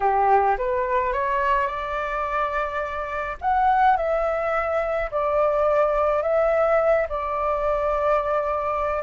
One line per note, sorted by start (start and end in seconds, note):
0.00 0.56 G4
0.57 1.12 B4
1.12 1.67 C#5
1.67 3.37 D5
3.41 3.96 F#5
3.96 5.09 E5
5.11 6.22 D5
6.22 7.07 E5
7.09 9.03 D5